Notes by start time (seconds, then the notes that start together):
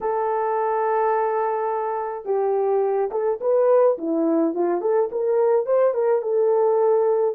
0.01 A4
2.25 G4
3.11 A4
3.40 B4
3.98 E4
4.54 F4
4.81 A4
5.11 A#4
5.66 C5
5.94 A#4
6.21 A4